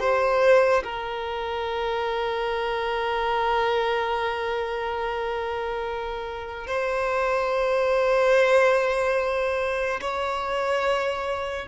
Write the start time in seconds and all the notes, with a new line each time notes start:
0.00 C5
0.84 A#4
6.67 C5
10.01 C#5